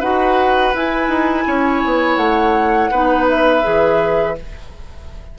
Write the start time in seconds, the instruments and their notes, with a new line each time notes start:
0.00 bassoon D#4, clarinet F#4, oboe B4, flute F#5
0.74 bassoon E4, clarinet E4, flute G#5
1.08 bassoon D#4
1.47 bassoon C#4, oboe C#5
1.85 bassoon B3
2.17 bassoon A3, flute F#5
2.91 bassoon B3, clarinet D#4, oboe B4
3.29 flute E5
3.62 bassoon E3, clarinet G#4